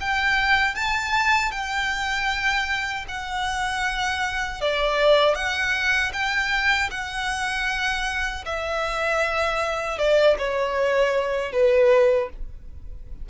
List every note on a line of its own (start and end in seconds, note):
0.00 0.75 G5
0.75 1.51 A5
1.51 3.05 G5
3.08 4.60 F#5
4.60 5.35 D5
5.35 6.12 F#5
6.13 6.90 G5
6.90 8.44 F#5
8.45 9.98 E5
9.98 10.36 D5
10.38 11.52 C#5
11.52 12.29 B4